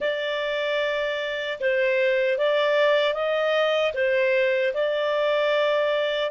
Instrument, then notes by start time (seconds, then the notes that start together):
clarinet
0.00 D5
1.60 C5
2.38 D5
3.14 D#5
3.94 C5
4.74 D5